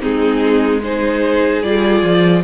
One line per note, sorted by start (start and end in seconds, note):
0.00 1.63 G#3
0.00 0.80 C4
0.00 0.82 D#4
0.00 0.83 G#4
0.83 1.64 D#4
0.83 2.43 G#4
0.83 1.63 C5
1.63 2.03 G3
1.63 2.44 F4
1.63 2.43 D5
2.03 2.43 F3